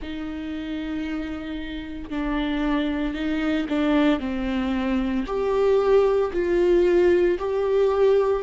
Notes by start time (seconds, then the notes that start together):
0.01 D#4
2.10 D4
3.13 D#4
3.68 D4
4.19 C4
5.26 G4
6.33 F4
7.38 G4